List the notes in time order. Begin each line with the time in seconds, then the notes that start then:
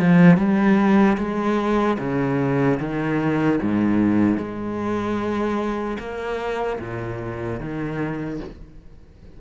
0.00 F3
0.37 G3
1.17 G#3
1.99 C#3
2.80 D#3
3.62 G#2
4.38 G#3
5.99 A#3
6.80 A#2
7.60 D#3